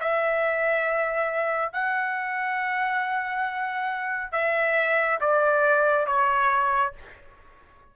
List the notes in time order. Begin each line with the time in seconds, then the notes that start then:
0.00 E5
1.72 F#5
4.32 E5
5.20 D5
6.06 C#5